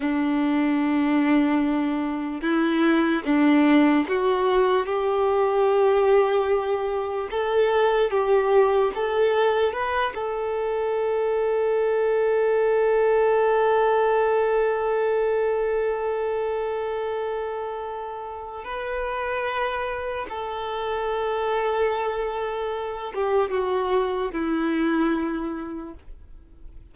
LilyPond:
\new Staff \with { instrumentName = "violin" } { \time 4/4 \tempo 4 = 74 d'2. e'4 | d'4 fis'4 g'2~ | g'4 a'4 g'4 a'4 | b'8 a'2.~ a'8~ |
a'1~ | a'2. b'4~ | b'4 a'2.~ | a'8 g'8 fis'4 e'2 | }